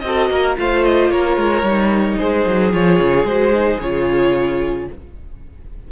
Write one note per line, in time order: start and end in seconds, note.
0.00 0.30 C4
0.00 0.57 F#4
0.00 0.54 D#5
0.07 0.31 A4
0.30 0.57 A#3
0.30 0.58 A#4
0.57 1.10 A3
0.57 1.64 F4
0.57 1.12 C5
0.57 0.85 F5
0.85 1.10 D#5
1.10 1.37 A#3
1.10 2.18 A#4
1.10 2.18 C#5
1.37 1.62 G#3
1.62 2.16 G3
1.62 2.72 D#4
2.18 2.47 G#3
2.18 4.88 G#4
2.18 2.72 C5
2.47 2.74 F#3
2.72 3.00 F3
2.72 3.26 F4
2.72 3.26 C#5
3.00 3.24 C#3
3.24 3.78 G#3
3.24 3.53 F#4
3.24 3.80 C5
3.53 3.80 D#4
3.80 4.89 C#3
3.80 4.92 F4
3.80 4.88 C#5